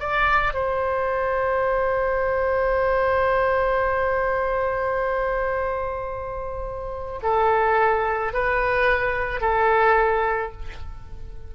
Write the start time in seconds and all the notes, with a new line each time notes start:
0.00 D5
0.54 C5
7.23 A4
8.34 B4
9.41 A4